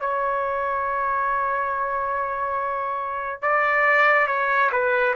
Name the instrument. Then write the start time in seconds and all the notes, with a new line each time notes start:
trumpet
0.00 C#5
3.42 D5
4.27 C#5
4.71 B4